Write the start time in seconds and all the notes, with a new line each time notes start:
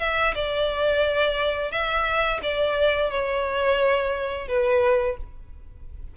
0.00 E5
0.35 D5
1.72 E5
2.43 D5
3.11 C#5
4.48 B4